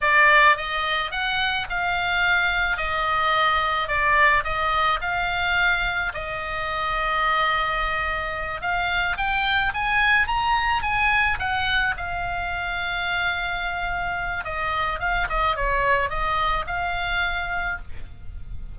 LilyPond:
\new Staff \with { instrumentName = "oboe" } { \time 4/4 \tempo 4 = 108 d''4 dis''4 fis''4 f''4~ | f''4 dis''2 d''4 | dis''4 f''2 dis''4~ | dis''2.~ dis''8 f''8~ |
f''8 g''4 gis''4 ais''4 gis''8~ | gis''8 fis''4 f''2~ f''8~ | f''2 dis''4 f''8 dis''8 | cis''4 dis''4 f''2 | }